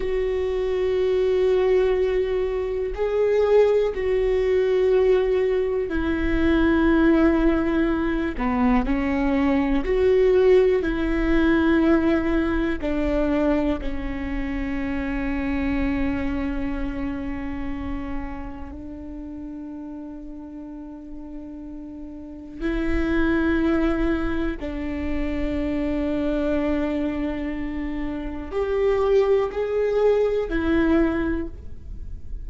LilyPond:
\new Staff \with { instrumentName = "viola" } { \time 4/4 \tempo 4 = 61 fis'2. gis'4 | fis'2 e'2~ | e'8 b8 cis'4 fis'4 e'4~ | e'4 d'4 cis'2~ |
cis'2. d'4~ | d'2. e'4~ | e'4 d'2.~ | d'4 g'4 gis'4 e'4 | }